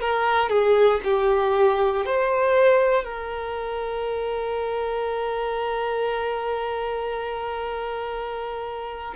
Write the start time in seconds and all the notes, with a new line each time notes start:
0.00 A#4
0.49 G#4
1.04 G4
2.05 C5
3.04 A#4